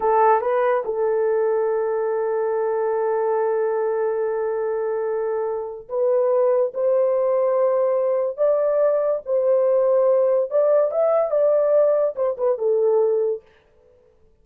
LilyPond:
\new Staff \with { instrumentName = "horn" } { \time 4/4 \tempo 4 = 143 a'4 b'4 a'2~ | a'1~ | a'1~ | a'2 b'2 |
c''1 | d''2 c''2~ | c''4 d''4 e''4 d''4~ | d''4 c''8 b'8 a'2 | }